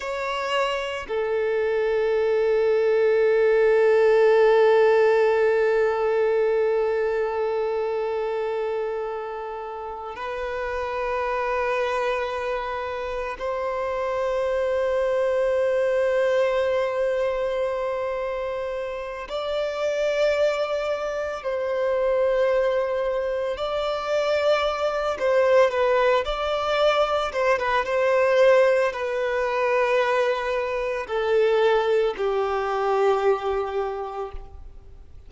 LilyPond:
\new Staff \with { instrumentName = "violin" } { \time 4/4 \tempo 4 = 56 cis''4 a'2.~ | a'1~ | a'4. b'2~ b'8~ | b'8 c''2.~ c''8~ |
c''2 d''2 | c''2 d''4. c''8 | b'8 d''4 c''16 b'16 c''4 b'4~ | b'4 a'4 g'2 | }